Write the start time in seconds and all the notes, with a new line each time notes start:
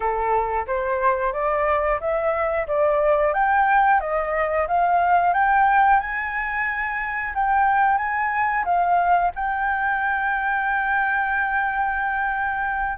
0.00 A4
0.66 C5
1.32 D5
2.00 E5
2.67 D5
3.33 G5
4.00 D#5
4.67 F5
5.33 G5
6.00 G#5
7.34 G5
7.97 G#5
8.65 F5
9.35 G5